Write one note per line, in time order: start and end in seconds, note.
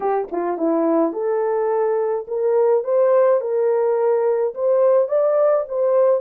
0.00 0.28 G4
0.31 0.57 F4
0.57 1.12 E4
1.12 2.25 A4
2.27 2.84 A#4
2.84 3.40 C5
3.40 4.54 A#4
4.54 5.08 C5
5.08 5.64 D5
5.68 6.20 C5